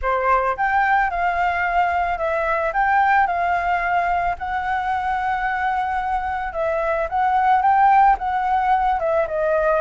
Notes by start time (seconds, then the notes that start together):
0.01 C5
0.56 G5
1.10 F5
2.18 E5
2.73 G5
3.27 F5
4.38 F#5
6.53 E5
7.09 F#5
7.62 G5
8.18 F#5
8.99 E5
9.27 D#5